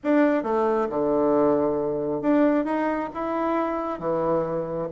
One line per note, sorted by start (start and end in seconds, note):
0.03 0.43 D4
0.43 0.87 A3
0.89 2.21 D3
2.21 2.64 D4
2.64 3.09 D#4
3.14 3.99 E4
3.99 4.88 E3